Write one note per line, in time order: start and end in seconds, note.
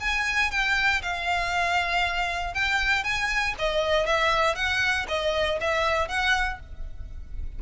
0.00 0.51 G#5
0.51 1.02 G5
1.02 2.54 F5
2.54 3.03 G5
3.03 3.54 G#5
3.58 4.06 D#5
4.06 4.55 E5
4.55 5.06 F#5
5.08 5.59 D#5
5.60 6.08 E5
6.08 6.59 F#5